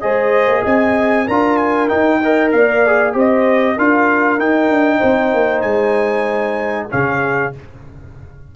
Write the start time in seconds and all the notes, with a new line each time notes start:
0.00 G#3 G#4 C5 D#5
0.47 A#3
0.63 C4 D#5 G#5
1.26 D4 F4 A#4 A#5
1.57 G#5
1.88 D#4 G5
2.23 A#4 D#5
2.52 A#3 D5 F5
2.86 G#4
3.13 C4 G4 C5 D#5
3.76 D4 F4 A#4 F5
4.39 D#4 G5
4.69 D4
4.98 C4 C5
5.33 A#3
5.61 G#3 G#5
6.90 C#3 C#4 G#4 F5